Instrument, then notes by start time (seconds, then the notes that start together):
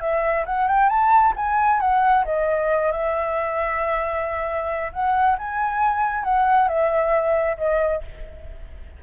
flute
0.00 E5
0.45 F#5
0.68 G5
0.89 A5
1.36 G#5
1.80 F#5
2.25 D#5
2.92 E5
4.92 F#5
5.38 G#5
6.24 F#5
6.68 E5
7.57 D#5